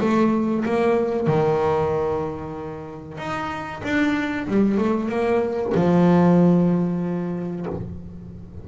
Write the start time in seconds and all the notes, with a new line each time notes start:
0.00 A3
0.65 A#3
1.27 D#3
3.18 D#4
3.83 D4
4.47 G3
4.78 A3
5.09 A#3
5.74 F3